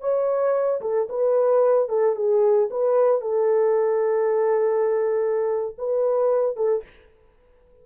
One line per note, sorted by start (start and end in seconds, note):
0.00 0.80 C#5
0.81 1.08 A4
1.09 1.88 B4
1.88 2.15 A4
2.15 2.69 G#4
2.70 3.21 B4
3.21 5.75 A4
5.78 6.56 B4
6.56 6.83 A4